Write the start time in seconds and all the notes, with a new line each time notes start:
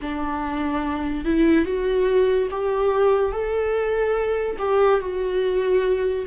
0.01 D4
1.25 E4
1.65 F#4
2.50 G4
3.31 A4
4.58 G4
5.00 F#4